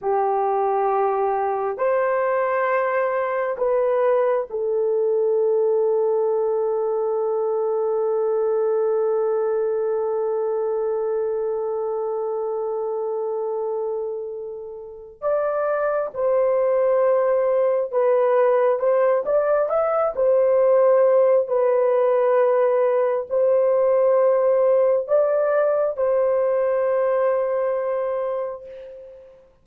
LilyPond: \new Staff \with { instrumentName = "horn" } { \time 4/4 \tempo 4 = 67 g'2 c''2 | b'4 a'2.~ | a'1~ | a'1~ |
a'4 d''4 c''2 | b'4 c''8 d''8 e''8 c''4. | b'2 c''2 | d''4 c''2. | }